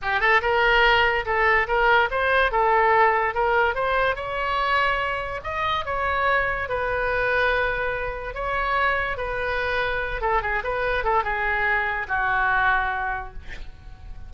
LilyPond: \new Staff \with { instrumentName = "oboe" } { \time 4/4 \tempo 4 = 144 g'8 a'8 ais'2 a'4 | ais'4 c''4 a'2 | ais'4 c''4 cis''2~ | cis''4 dis''4 cis''2 |
b'1 | cis''2 b'2~ | b'8 a'8 gis'8 b'4 a'8 gis'4~ | gis'4 fis'2. | }